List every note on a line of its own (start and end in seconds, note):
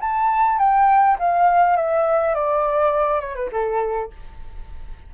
0.00 0.58 A5
0.58 1.17 G5
1.19 1.76 F5
1.76 2.34 E5
2.34 3.20 D5
3.20 3.35 C#5
3.35 3.49 B4
3.52 4.10 A4